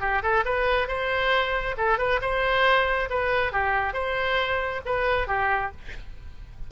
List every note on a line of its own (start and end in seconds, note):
0.00 0.22 G4
0.22 0.44 A4
0.45 0.88 B4
0.88 1.75 C5
1.77 1.98 A4
1.98 2.20 B4
2.22 3.09 C5
3.10 3.52 B4
3.52 3.93 G4
3.93 4.81 C5
4.85 5.27 B4
5.27 5.71 G4